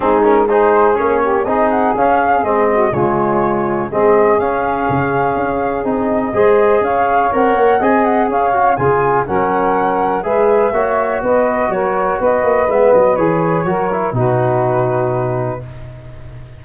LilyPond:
<<
  \new Staff \with { instrumentName = "flute" } { \time 4/4 \tempo 4 = 123 gis'8 ais'8 c''4 cis''4 dis''8 fis''8 | f''4 dis''4 cis''2 | dis''4 f''2. | dis''2 f''4 fis''4 |
gis''8 fis''8 f''4 gis''4 fis''4~ | fis''4 e''2 dis''4 | cis''4 dis''4 e''8 dis''8 cis''4~ | cis''4 b'2. | }
  \new Staff \with { instrumentName = "saxophone" } { \time 4/4 dis'4 gis'4. g'8 gis'4~ | gis'4. fis'8 f'2 | gis'1~ | gis'4 c''4 cis''2 |
dis''4 cis''4 gis'4 ais'4~ | ais'4 b'4 cis''4 b'4 | ais'4 b'2. | ais'4 fis'2. | }
  \new Staff \with { instrumentName = "trombone" } { \time 4/4 c'8 cis'8 dis'4 cis'4 dis'4 | cis'4 c'4 gis2 | c'4 cis'2. | dis'4 gis'2 ais'4 |
gis'4. fis'8 f'4 cis'4~ | cis'4 gis'4 fis'2~ | fis'2 b4 gis'4 | fis'8 e'8 dis'2. | }
  \new Staff \with { instrumentName = "tuba" } { \time 4/4 gis2 ais4 c'4 | cis'4 gis4 cis2 | gis4 cis'4 cis4 cis'4 | c'4 gis4 cis'4 c'8 ais8 |
c'4 cis'4 cis4 fis4~ | fis4 gis4 ais4 b4 | fis4 b8 ais8 gis8 fis8 e4 | fis4 b,2. | }
>>